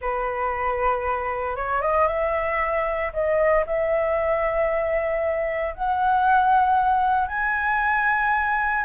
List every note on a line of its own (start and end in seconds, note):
0.01 1.56 B4
1.56 1.81 C#5
1.81 2.07 D#5
2.07 3.12 E5
3.13 3.65 D#5
3.66 5.74 E5
5.74 7.28 F#5
7.28 8.84 G#5